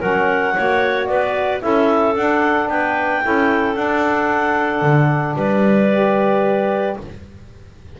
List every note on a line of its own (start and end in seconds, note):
0.00 0.55 F#3
0.00 0.54 C#4
0.00 0.54 A#4
0.00 1.06 F#5
0.54 1.08 A#3
0.54 1.60 F#4
0.54 1.07 C#5
1.06 1.62 B3
1.06 1.62 B4
1.06 1.59 D5
1.60 2.15 C#4
1.60 2.13 E4
1.60 2.69 A4
1.60 2.14 E5
2.15 2.67 D4
2.15 3.22 D4
2.15 2.69 F#5
2.67 3.21 B3
2.67 3.23 B4
2.67 3.75 G5
3.22 3.75 C#4
3.22 3.74 E4
3.22 5.36 A4
3.74 5.88 D4
3.74 4.81 D4
3.74 5.35 F#5
4.81 5.35 D3
5.35 6.96 G3
5.35 6.97 B4
5.35 6.98 D5
5.93 7.00 G4